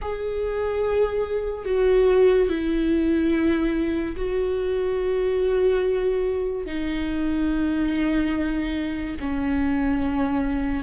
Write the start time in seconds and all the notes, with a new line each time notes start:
0.01 G#4
1.65 F#4
2.48 E4
4.16 F#4
6.66 D#4
9.20 C#4